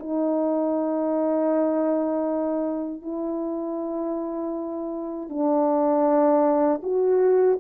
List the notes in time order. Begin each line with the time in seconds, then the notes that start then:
0.00 D#4
3.02 E4
5.30 D4
6.83 F#4